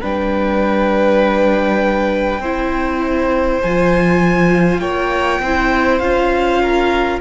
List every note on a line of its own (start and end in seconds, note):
0.00 2.39 G3
0.00 2.42 D4
0.00 2.40 B4
0.00 3.61 G5
2.39 3.59 C4
2.39 3.62 E4
2.39 4.80 C5
3.61 4.79 F3
3.61 5.44 F4
3.61 4.80 G#5
4.79 5.39 A#3
4.79 5.41 C#5
4.79 5.99 G5
5.40 6.00 C4
5.40 6.02 E4
5.40 6.61 C5
5.99 7.20 C#4
5.99 7.20 F4
5.99 7.19 F5
6.61 7.20 A#4